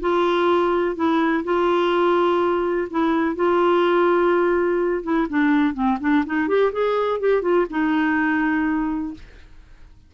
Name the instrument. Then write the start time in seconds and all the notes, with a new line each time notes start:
clarinet
0.00 F4
0.95 E4
1.44 F4
2.90 E4
3.35 F4
5.03 E4
5.29 D4
5.74 C4
6.00 D4
6.25 D#4
6.48 G4
6.72 G#4
7.20 G4
7.42 F4
7.69 D#4